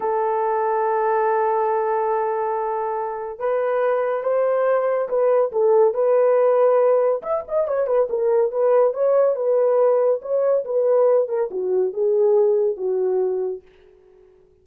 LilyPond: \new Staff \with { instrumentName = "horn" } { \time 4/4 \tempo 4 = 141 a'1~ | a'1 | b'2 c''2 | b'4 a'4 b'2~ |
b'4 e''8 dis''8 cis''8 b'8 ais'4 | b'4 cis''4 b'2 | cis''4 b'4. ais'8 fis'4 | gis'2 fis'2 | }